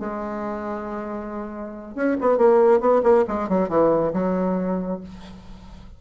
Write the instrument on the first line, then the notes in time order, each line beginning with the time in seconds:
bassoon
0.00 G#3
1.95 C#4
2.21 B3
2.38 A#3
2.81 B3
3.04 A#3
3.28 G#3
3.49 F#3
3.69 E3
4.14 F#3